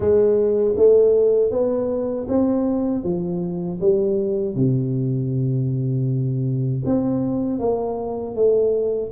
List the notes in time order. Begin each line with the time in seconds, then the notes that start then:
0.00 G#3
0.76 A3
1.50 B3
2.28 C4
3.03 F3
3.80 G3
4.55 C3
6.85 C4
7.59 A#3
8.35 A3